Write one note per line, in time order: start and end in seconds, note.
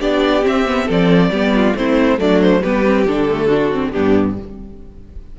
0.00 0.45 B3
0.00 0.42 D4
0.00 0.86 G4
0.00 0.44 D5
0.42 0.64 C4
0.42 0.89 C4
0.42 0.90 E5
0.66 0.87 B3
0.86 1.31 F3
0.86 1.31 C4
0.86 1.29 A4
0.86 1.76 D5
1.31 1.74 G3
1.31 1.76 B3
1.31 1.53 G4
1.56 1.77 F4
1.76 2.19 A3
1.76 2.18 C4
1.76 2.19 E4
1.76 2.20 C5
2.18 2.62 F#3
2.18 2.62 A3
2.18 2.62 D4
2.18 2.41 D5
2.41 2.63 C5
2.62 3.07 G3
2.62 2.86 B3
2.62 3.46 G4
2.62 3.07 B4
2.86 3.07 C4
3.07 3.93 D3
3.07 3.29 D4
3.07 3.91 A4
3.29 3.50 A3
3.46 3.71 D4
3.46 3.90 F#4
3.71 3.93 C4
3.91 4.39 G2
3.91 4.37 B3
3.91 4.36 D4
3.91 4.35 G4